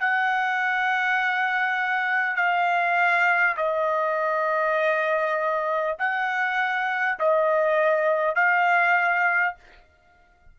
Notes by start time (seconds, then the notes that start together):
0.00 F#5
2.36 F5
3.57 D#5
5.98 F#5
7.19 D#5
8.35 F5